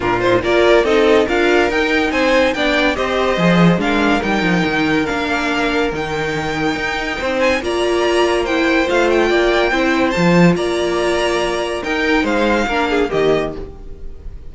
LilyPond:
<<
  \new Staff \with { instrumentName = "violin" } { \time 4/4 \tempo 4 = 142 ais'8 c''8 d''4 dis''4 f''4 | g''4 gis''4 g''4 dis''4~ | dis''4 f''4 g''2 | f''2 g''2~ |
g''4. gis''8 ais''2 | g''4 f''8 g''2~ g''8 | a''4 ais''2. | g''4 f''2 dis''4 | }
  \new Staff \with { instrumentName = "violin" } { \time 4/4 f'4 ais'4 a'4 ais'4~ | ais'4 c''4 d''4 c''4~ | c''4 ais'2.~ | ais'1~ |
ais'4 c''4 d''2 | c''2 d''4 c''4~ | c''4 d''2. | ais'4 c''4 ais'8 gis'8 g'4 | }
  \new Staff \with { instrumentName = "viola" } { \time 4/4 d'8 dis'8 f'4 dis'4 f'4 | dis'2 d'4 g'4 | gis'4 d'4 dis'2 | d'2 dis'2~ |
dis'2 f'2 | e'4 f'2 e'4 | f'1 | dis'2 d'4 ais4 | }
  \new Staff \with { instrumentName = "cello" } { \time 4/4 ais,4 ais4 c'4 d'4 | dis'4 c'4 b4 c'4 | f4 gis4 g8 f8 dis4 | ais2 dis2 |
dis'4 c'4 ais2~ | ais4 a4 ais4 c'4 | f4 ais2. | dis'4 gis4 ais4 dis4 | }
>>